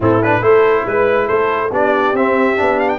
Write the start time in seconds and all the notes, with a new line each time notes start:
0.00 A2 C4 E4 A4
0.22 D4 B4
0.41 A3 E4 A4 C5
0.86 G#3 B4
1.26 A3 A4 C5
1.71 B3 D4 G4 D5
2.13 C4 E5
2.57 B3 D4
2.79 F5
2.88 G5